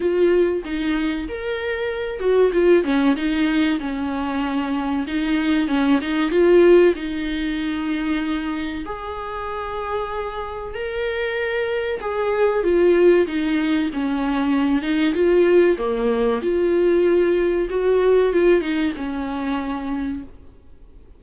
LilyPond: \new Staff \with { instrumentName = "viola" } { \time 4/4 \tempo 4 = 95 f'4 dis'4 ais'4. fis'8 | f'8 cis'8 dis'4 cis'2 | dis'4 cis'8 dis'8 f'4 dis'4~ | dis'2 gis'2~ |
gis'4 ais'2 gis'4 | f'4 dis'4 cis'4. dis'8 | f'4 ais4 f'2 | fis'4 f'8 dis'8 cis'2 | }